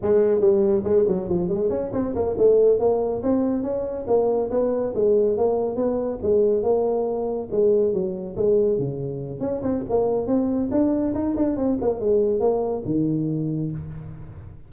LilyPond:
\new Staff \with { instrumentName = "tuba" } { \time 4/4 \tempo 4 = 140 gis4 g4 gis8 fis8 f8 gis8 | cis'8 c'8 ais8 a4 ais4 c'8~ | c'8 cis'4 ais4 b4 gis8~ | gis8 ais4 b4 gis4 ais8~ |
ais4. gis4 fis4 gis8~ | gis8 cis4. cis'8 c'8 ais4 | c'4 d'4 dis'8 d'8 c'8 ais8 | gis4 ais4 dis2 | }